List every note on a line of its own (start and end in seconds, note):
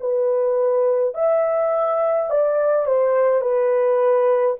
0.00 1.14 B4
1.14 2.30 E5
2.30 2.86 D5
2.86 3.41 C5
3.41 4.57 B4